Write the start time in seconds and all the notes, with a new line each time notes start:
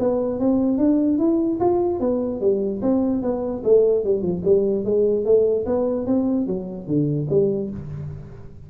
0.00 B3
0.40 C4
0.79 D4
1.19 E4
1.61 F4
2.00 B3
2.41 G3
2.82 C4
3.23 B3
3.64 A3
4.04 G3
4.23 F3
4.45 G3
4.85 G#3
5.25 A3
5.66 B3
6.06 C4
6.47 F#3
6.87 D3
7.30 G3